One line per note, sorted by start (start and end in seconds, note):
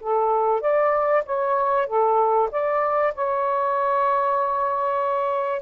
0.00 0.61 A4
0.61 1.23 D5
1.26 1.87 C#5
1.87 2.49 A4
2.51 3.14 D5
3.14 5.62 C#5